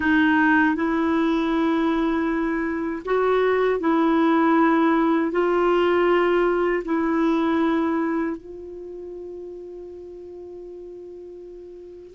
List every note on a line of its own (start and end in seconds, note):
0.00 0.75 D#4
0.75 3.02 E4
3.05 3.80 F#4
3.80 5.31 E4
5.31 6.83 F4
6.84 8.36 E4
8.36 12.14 F4